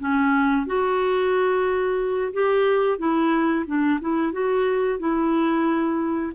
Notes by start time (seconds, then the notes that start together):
0.00 C#4
0.67 F#4
2.34 G4
2.99 E4
3.67 D4
4.01 E4
4.33 F#4
5.00 E4